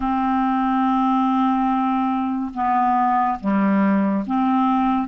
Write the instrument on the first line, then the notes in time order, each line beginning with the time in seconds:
clarinet
0.00 C4
2.54 B3
3.40 G3
4.26 C4